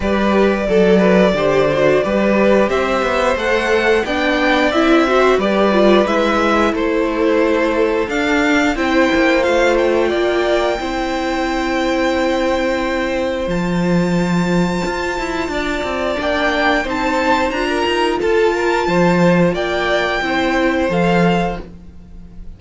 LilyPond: <<
  \new Staff \with { instrumentName = "violin" } { \time 4/4 \tempo 4 = 89 d''1 | e''4 fis''4 g''4 e''4 | d''4 e''4 c''2 | f''4 g''4 f''8 g''4.~ |
g''1 | a''1 | g''4 a''4 ais''4 a''4~ | a''4 g''2 f''4 | }
  \new Staff \with { instrumentName = "violin" } { \time 4/4 b'4 a'8 b'8 c''4 b'4 | c''2 d''4. c''8 | b'2 a'2~ | a'4 c''2 d''4 |
c''1~ | c''2. d''4~ | d''4 c''4~ c''16 ais'8. a'8 ais'8 | c''4 d''4 c''2 | }
  \new Staff \with { instrumentName = "viola" } { \time 4/4 g'4 a'4 g'8 fis'8 g'4~ | g'4 a'4 d'4 e'8 fis'8 | g'8 f'8 e'2. | d'4 e'4 f'2 |
e'1 | f'1 | d'4 dis'4 f'2~ | f'2 e'4 a'4 | }
  \new Staff \with { instrumentName = "cello" } { \time 4/4 g4 fis4 d4 g4 | c'8 b8 a4 b4 c'4 | g4 gis4 a2 | d'4 c'8 ais8 a4 ais4 |
c'1 | f2 f'8 e'8 d'8 c'8 | ais4 c'4 d'8 dis'8 f'4 | f4 ais4 c'4 f4 | }
>>